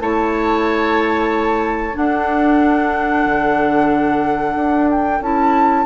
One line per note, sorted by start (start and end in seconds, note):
0.00 1.96 A3
0.00 1.94 E4
0.00 1.97 C#5
0.00 1.96 A5
1.94 5.20 D4
1.94 3.26 D4
1.94 5.87 A4
1.94 4.90 F#5
3.26 4.56 D3
4.56 5.21 D4
4.90 5.23 G5
5.21 5.86 C#4
5.21 5.87 E4
5.21 5.87 A5